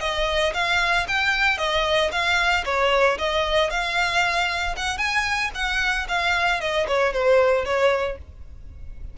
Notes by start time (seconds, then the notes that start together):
0.00 D#5
0.53 F5
1.07 G5
1.57 D#5
2.11 F5
2.65 C#5
3.18 D#5
3.70 F5
4.76 F#5
4.98 G#5
5.54 F#5
6.08 F5
6.60 D#5
6.87 C#5
7.13 C5
7.65 C#5